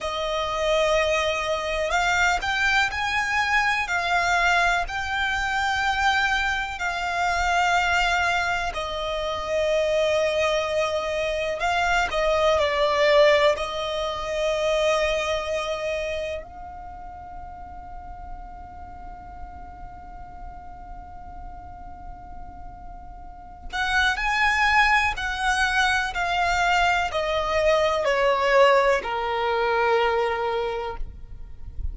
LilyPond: \new Staff \with { instrumentName = "violin" } { \time 4/4 \tempo 4 = 62 dis''2 f''8 g''8 gis''4 | f''4 g''2 f''4~ | f''4 dis''2. | f''8 dis''8 d''4 dis''2~ |
dis''4 f''2.~ | f''1~ | f''8 fis''8 gis''4 fis''4 f''4 | dis''4 cis''4 ais'2 | }